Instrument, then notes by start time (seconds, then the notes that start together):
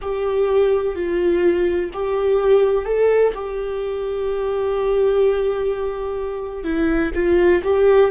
viola
0.01 G4
0.95 F4
1.93 G4
2.85 A4
3.34 G4
6.64 E4
7.14 F4
7.63 G4